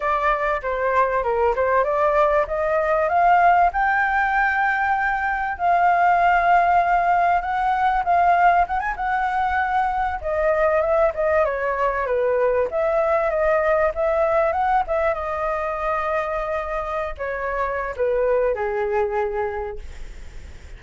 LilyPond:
\new Staff \with { instrumentName = "flute" } { \time 4/4 \tempo 4 = 97 d''4 c''4 ais'8 c''8 d''4 | dis''4 f''4 g''2~ | g''4 f''2. | fis''4 f''4 fis''16 gis''16 fis''4.~ |
fis''8 dis''4 e''8 dis''8 cis''4 b'8~ | b'8 e''4 dis''4 e''4 fis''8 | e''8 dis''2.~ dis''16 cis''16~ | cis''4 b'4 gis'2 | }